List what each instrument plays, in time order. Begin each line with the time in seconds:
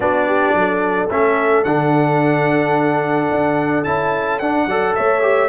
0.00 tuba B3, trombone D4, horn F#4, trumpet D5
0.27 horn G4
0.54 tuba F#3, horn A4
1.10 tuba A3, trombone C#4, trumpet E5
1.64 tuba D3, trombone D4, trumpet F#5
3.31 tuba D4
3.84 tuba C#4, trombone E4, trumpet A5
4.39 tuba D4, trombone D4, trumpet F#5
4.66 tuba F#3, trombone A4, horn D5
4.95 tuba A3, horn C#5, trumpet E5
5.21 trombone G4